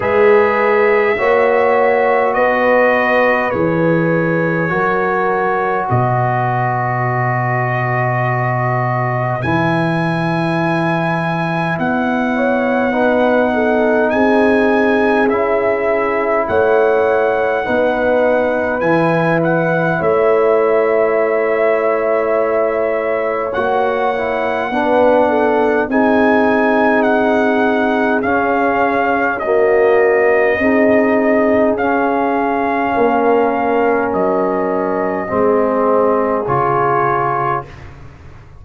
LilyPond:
<<
  \new Staff \with { instrumentName = "trumpet" } { \time 4/4 \tempo 4 = 51 e''2 dis''4 cis''4~ | cis''4 dis''2. | gis''2 fis''2 | gis''4 e''4 fis''2 |
gis''8 fis''8 e''2. | fis''2 gis''4 fis''4 | f''4 dis''2 f''4~ | f''4 dis''2 cis''4 | }
  \new Staff \with { instrumentName = "horn" } { \time 4/4 b'4 cis''4 b'2 | ais'4 b'2.~ | b'2~ b'8 cis''8 b'8 a'8 | gis'2 cis''4 b'4~ |
b'4 cis''2.~ | cis''4 b'8 a'8 gis'2~ | gis'4 fis'4 gis'2 | ais'2 gis'2 | }
  \new Staff \with { instrumentName = "trombone" } { \time 4/4 gis'4 fis'2 gis'4 | fis'1 | e'2. dis'4~ | dis'4 e'2 dis'4 |
e'1 | fis'8 e'8 d'4 dis'2 | cis'4 ais4 dis'4 cis'4~ | cis'2 c'4 f'4 | }
  \new Staff \with { instrumentName = "tuba" } { \time 4/4 gis4 ais4 b4 e4 | fis4 b,2. | e2 b2 | c'4 cis'4 a4 b4 |
e4 a2. | ais4 b4 c'2 | cis'2 c'4 cis'4 | ais4 fis4 gis4 cis4 | }
>>